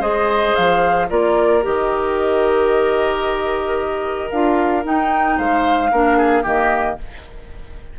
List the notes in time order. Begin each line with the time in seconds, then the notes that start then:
0.00 G#3 G#4 C5 D#5
0.55 F3 F5
1.09 A#3 F4 A#4 D5
1.62 D#3 G4 D#5
4.31 D4 F4 F5
4.84 D#4 G5
5.37 G#3 C5 F5
5.92 A#3 D4 A#4
6.18 G#4
6.43 D#3 A#3 G4 D#5